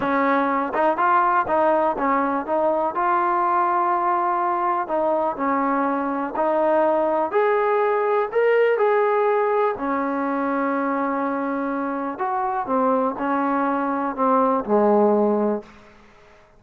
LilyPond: \new Staff \with { instrumentName = "trombone" } { \time 4/4 \tempo 4 = 123 cis'4. dis'8 f'4 dis'4 | cis'4 dis'4 f'2~ | f'2 dis'4 cis'4~ | cis'4 dis'2 gis'4~ |
gis'4 ais'4 gis'2 | cis'1~ | cis'4 fis'4 c'4 cis'4~ | cis'4 c'4 gis2 | }